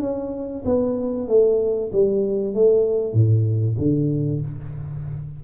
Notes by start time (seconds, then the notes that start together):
0.00 C#4
0.65 B3
1.28 A3
1.92 G3
2.54 A3
3.13 A2
3.78 D3